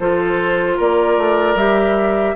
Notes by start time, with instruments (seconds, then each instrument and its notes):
0.00 bassoon F3, clarinet F4, oboe A4, flute C5
0.77 bassoon A#3, oboe A#4, flute D5
1.18 bassoon A3
1.55 bassoon G3, clarinet G4, flute E5